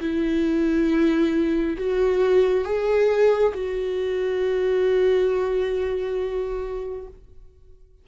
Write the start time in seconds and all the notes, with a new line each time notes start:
0.00 E4
1.78 F#4
2.64 G#4
3.54 F#4